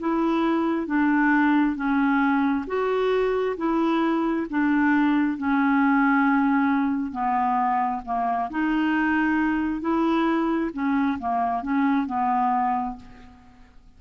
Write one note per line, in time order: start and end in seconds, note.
0.00 0.87 E4
0.87 1.76 D4
1.76 2.65 C#4
2.67 3.57 F#4
3.57 4.47 E4
4.50 5.38 D4
5.38 7.12 C#4
7.12 8.01 B3
8.05 8.50 A#3
8.50 9.81 D#4
9.81 10.71 E4
10.74 11.19 C#4
11.19 11.63 A#3
11.63 12.07 C#4
12.07 12.96 B3